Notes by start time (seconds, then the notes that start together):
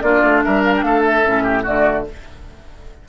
0.00 A#3 D4 F4 D5
0.23 A3
0.43 G3 A#4 E5
0.64 F5
0.76 G5
0.82 A3 A4 F5
1.05 E5
1.24 A2 C#4
1.43 G4
1.62 D3 A3 F#4 D5